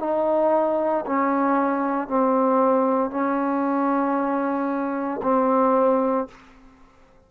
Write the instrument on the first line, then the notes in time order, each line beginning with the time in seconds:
trombone
0.00 D#4
1.06 C#4
2.08 C4
3.11 C#4
5.23 C4